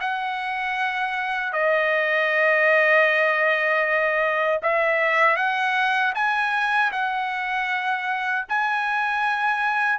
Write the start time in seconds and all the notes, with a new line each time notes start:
0.00 F#5
1.52 D#5
4.62 E5
5.36 F#5
6.15 G#5
6.92 F#5
8.48 G#5